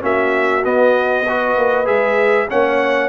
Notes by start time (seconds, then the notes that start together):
0.00 A#3 C#4 F#4 E5
0.64 B3 D#5
1.28 F#4 B4
1.57 A#3
1.85 G#3 G#4 E5
2.49 A#3 C#4 C#5 F#5